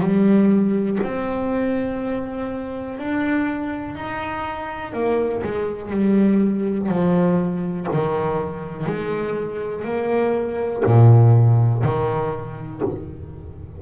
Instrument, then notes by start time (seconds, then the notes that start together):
double bass
0.00 G3
1.03 C4
2.99 D4
3.96 D#4
4.93 A#3
5.43 G#3
5.91 G3
6.89 F3
7.93 D#3
8.86 G#3
9.85 A#3
10.85 A#2
11.83 D#3